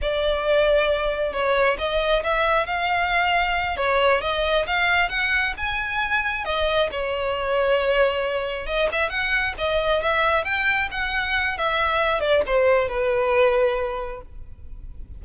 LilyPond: \new Staff \with { instrumentName = "violin" } { \time 4/4 \tempo 4 = 135 d''2. cis''4 | dis''4 e''4 f''2~ | f''8 cis''4 dis''4 f''4 fis''8~ | fis''8 gis''2 dis''4 cis''8~ |
cis''2.~ cis''8 dis''8 | e''8 fis''4 dis''4 e''4 g''8~ | g''8 fis''4. e''4. d''8 | c''4 b'2. | }